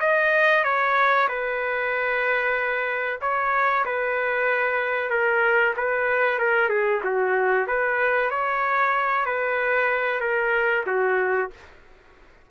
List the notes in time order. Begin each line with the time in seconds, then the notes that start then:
0.00 D#5
0.64 C#5
1.28 B4
3.21 C#5
3.85 B4
5.10 A#4
5.77 B4
6.39 A#4
6.69 G#4
7.04 F#4
7.67 B4
8.30 C#5
9.26 B4
10.20 A#4
10.87 F#4